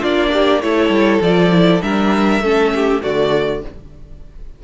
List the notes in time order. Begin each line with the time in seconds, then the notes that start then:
0.00 A#3 D4 F4 D5
0.33 G4
0.62 A3 E4 A4 C#5
0.90 G3
1.22 F3 F4 D5
1.51 E4
1.82 G3 D4 A#4 E5
2.41 A3 C#4 A4
2.75 G4
3.03 D3 A3 F#4 D5